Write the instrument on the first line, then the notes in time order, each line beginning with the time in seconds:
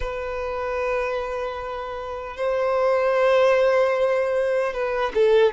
violin
0.00 B4
2.36 C5
4.73 B4
5.14 A4